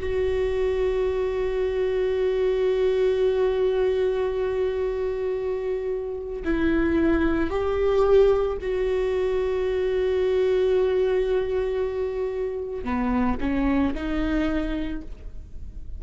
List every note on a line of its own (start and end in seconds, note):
0.00 6.43 F#4
6.45 7.50 E4
7.50 8.58 G4
8.62 12.85 F#4
12.85 13.38 B3
13.41 13.94 C#4
13.95 15.02 D#4